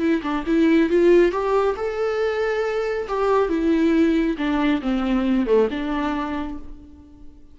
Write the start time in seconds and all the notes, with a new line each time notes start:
0.00 E4
0.23 D4
0.47 E4
0.90 F4
1.32 G4
1.77 A4
3.08 G4
3.49 E4
4.38 D4
4.82 C4
5.47 A3
5.71 D4